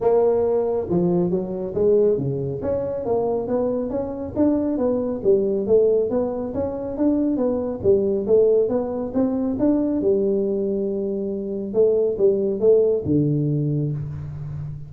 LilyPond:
\new Staff \with { instrumentName = "tuba" } { \time 4/4 \tempo 4 = 138 ais2 f4 fis4 | gis4 cis4 cis'4 ais4 | b4 cis'4 d'4 b4 | g4 a4 b4 cis'4 |
d'4 b4 g4 a4 | b4 c'4 d'4 g4~ | g2. a4 | g4 a4 d2 | }